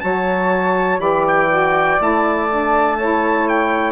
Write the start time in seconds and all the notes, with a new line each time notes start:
0.00 F#3 F#4 C#5 A5
0.98 E3 G4 D5 B5
1.28 G5
1.49 F#4
1.99 A3 E4 A5
2.50 D4
2.98 E4 C#5
3.49 G5